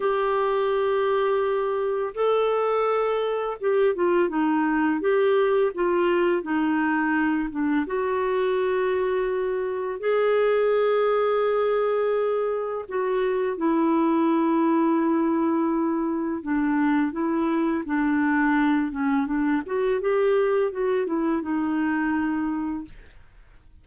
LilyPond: \new Staff \with { instrumentName = "clarinet" } { \time 4/4 \tempo 4 = 84 g'2. a'4~ | a'4 g'8 f'8 dis'4 g'4 | f'4 dis'4. d'8 fis'4~ | fis'2 gis'2~ |
gis'2 fis'4 e'4~ | e'2. d'4 | e'4 d'4. cis'8 d'8 fis'8 | g'4 fis'8 e'8 dis'2 | }